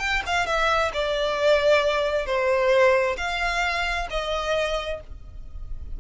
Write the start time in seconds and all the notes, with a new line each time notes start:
0.00 G5
0.27 F5
0.47 E5
0.94 D5
2.27 C5
3.18 F5
4.11 D#5